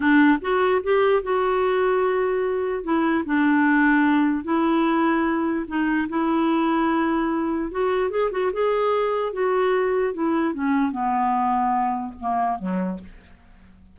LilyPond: \new Staff \with { instrumentName = "clarinet" } { \time 4/4 \tempo 4 = 148 d'4 fis'4 g'4 fis'4~ | fis'2. e'4 | d'2. e'4~ | e'2 dis'4 e'4~ |
e'2. fis'4 | gis'8 fis'8 gis'2 fis'4~ | fis'4 e'4 cis'4 b4~ | b2 ais4 fis4 | }